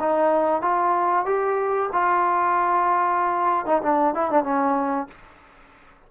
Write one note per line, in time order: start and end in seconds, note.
0.00 0.62 D#4
0.62 1.25 F4
1.26 1.89 G4
1.92 3.66 F4
3.66 3.82 D#4
3.82 4.14 D4
4.15 4.31 E4
4.31 4.44 D4
4.44 5.07 C#4